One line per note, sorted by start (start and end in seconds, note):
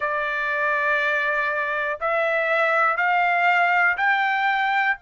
0.00 1.98 D5
2.00 2.96 E5
2.96 3.96 F5
3.97 4.97 G5